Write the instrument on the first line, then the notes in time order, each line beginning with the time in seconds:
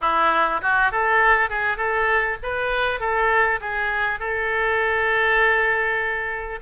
oboe
0.01 E4
0.61 F#4
0.91 A4
1.49 G#4
1.77 A4
2.42 B4
3.00 A4
3.61 G#4
4.19 A4